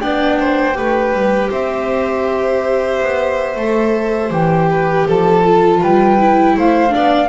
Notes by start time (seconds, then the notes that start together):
0.00 B3 D4 D5 G5
0.40 C5
0.74 A3 G4 B4
1.13 G3
1.50 C4 C5 E5
3.02 B3
3.56 A3 A4
4.30 E3 G4 G5
4.70 B4
5.08 F3 A4 A5
5.44 F4
5.81 G3 B4 G5
6.18 E4
6.57 A3 C5 F5
6.89 B3 D4 D5